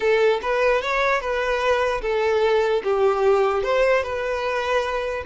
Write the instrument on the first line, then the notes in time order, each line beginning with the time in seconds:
violin
0.00 A4
0.42 B4
0.81 C#5
1.20 B4
2.01 A4
2.83 G4
3.63 C5
4.03 B4